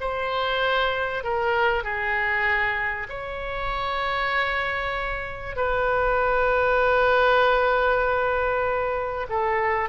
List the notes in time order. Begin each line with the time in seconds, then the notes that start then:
0.00 C5
1.23 A#4
1.83 G#4
3.09 C#5
5.56 B4
9.29 A4